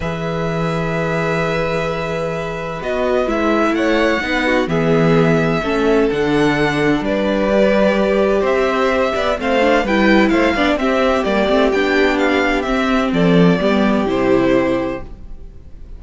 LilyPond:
<<
  \new Staff \with { instrumentName = "violin" } { \time 4/4 \tempo 4 = 128 e''1~ | e''2 dis''4 e''4 | fis''2 e''2~ | e''4 fis''2 d''4~ |
d''2 e''2 | f''4 g''4 f''4 e''4 | d''4 g''4 f''4 e''4 | d''2 c''2 | }
  \new Staff \with { instrumentName = "violin" } { \time 4/4 b'1~ | b'1 | cis''4 b'8 fis'8 gis'2 | a'2. b'4~ |
b'2 c''4. d''8 | c''4 b'4 c''8 d''8 g'4~ | g'1 | a'4 g'2. | }
  \new Staff \with { instrumentName = "viola" } { \time 4/4 gis'1~ | gis'2 fis'4 e'4~ | e'4 dis'4 b2 | cis'4 d'2. |
g'1 | c'8 d'8 e'4. d'8 c'4 | ais8 c'8 d'2 c'4~ | c'4 b4 e'2 | }
  \new Staff \with { instrumentName = "cello" } { \time 4/4 e1~ | e2 b4 gis4 | a4 b4 e2 | a4 d2 g4~ |
g2 c'4. b8 | a4 g4 a8 b8 c'4 | g8 a8 b2 c'4 | f4 g4 c2 | }
>>